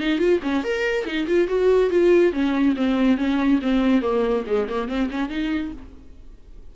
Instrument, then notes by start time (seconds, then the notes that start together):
viola
0.00 D#4
0.19 F4
0.42 C#4
0.64 A#4
1.05 D#4
1.27 F4
1.48 F#4
1.90 F4
2.32 C#4
2.76 C4
3.17 C#4
3.62 C4
4.02 A#3
4.47 G#3
4.69 A#3
4.88 C4
5.11 C#4
5.29 D#4